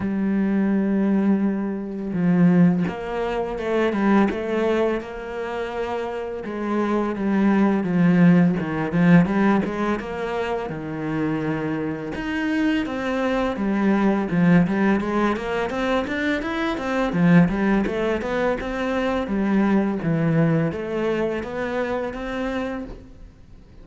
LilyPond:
\new Staff \with { instrumentName = "cello" } { \time 4/4 \tempo 4 = 84 g2. f4 | ais4 a8 g8 a4 ais4~ | ais4 gis4 g4 f4 | dis8 f8 g8 gis8 ais4 dis4~ |
dis4 dis'4 c'4 g4 | f8 g8 gis8 ais8 c'8 d'8 e'8 c'8 | f8 g8 a8 b8 c'4 g4 | e4 a4 b4 c'4 | }